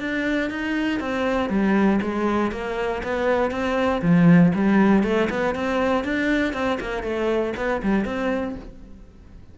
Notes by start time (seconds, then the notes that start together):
0.00 D4
0.50 D#4
1.00 C4
1.49 G3
2.02 G#3
2.52 A#3
3.04 B3
3.51 C4
4.02 F3
4.55 G3
5.03 A3
5.30 B3
5.55 C4
6.04 D4
6.53 C4
6.80 A#3
7.03 A3
7.57 B3
7.83 G3
8.05 C4